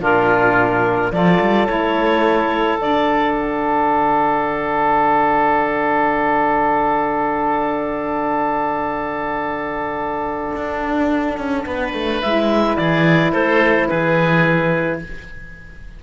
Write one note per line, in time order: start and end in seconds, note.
0.00 1.11 A#2
0.00 1.11 D4
0.00 1.13 F4
0.00 1.13 A#4
1.11 1.39 F3
1.11 1.67 F4
1.11 11.67 A4
1.11 1.67 D5
1.41 1.68 G3
1.67 2.73 A3
1.67 2.78 E4
1.67 2.79 C#5
2.73 10.51 D3
2.73 12.24 D4
2.81 3.34 D5
3.34 12.22 F#5
10.56 11.38 D4
11.38 11.66 C#4
11.66 11.94 B3
11.66 12.78 B4
11.94 12.21 A3
12.22 12.77 G#3
12.22 15.03 E4
12.22 12.77 E5
12.77 13.33 E3
12.77 13.32 G#4
12.77 13.32 D5
13.32 13.88 A3
13.32 13.88 A4
13.32 13.89 C5
13.89 15.03 E3
13.89 15.01 G#4
13.89 15.00 B4